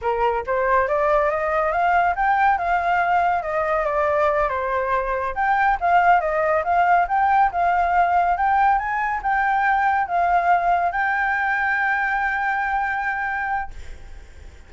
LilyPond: \new Staff \with { instrumentName = "flute" } { \time 4/4 \tempo 4 = 140 ais'4 c''4 d''4 dis''4 | f''4 g''4 f''2 | dis''4 d''4. c''4.~ | c''8 g''4 f''4 dis''4 f''8~ |
f''8 g''4 f''2 g''8~ | g''8 gis''4 g''2 f''8~ | f''4. g''2~ g''8~ | g''1 | }